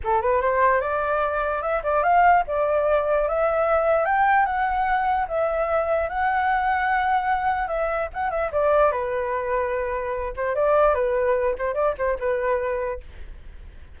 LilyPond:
\new Staff \with { instrumentName = "flute" } { \time 4/4 \tempo 4 = 148 a'8 b'8 c''4 d''2 | e''8 d''8 f''4 d''2 | e''2 g''4 fis''4~ | fis''4 e''2 fis''4~ |
fis''2. e''4 | fis''8 e''8 d''4 b'2~ | b'4. c''8 d''4 b'4~ | b'8 c''8 d''8 c''8 b'2 | }